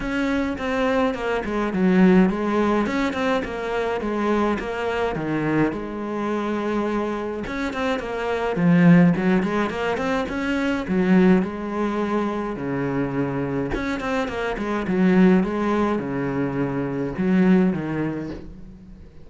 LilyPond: \new Staff \with { instrumentName = "cello" } { \time 4/4 \tempo 4 = 105 cis'4 c'4 ais8 gis8 fis4 | gis4 cis'8 c'8 ais4 gis4 | ais4 dis4 gis2~ | gis4 cis'8 c'8 ais4 f4 |
fis8 gis8 ais8 c'8 cis'4 fis4 | gis2 cis2 | cis'8 c'8 ais8 gis8 fis4 gis4 | cis2 fis4 dis4 | }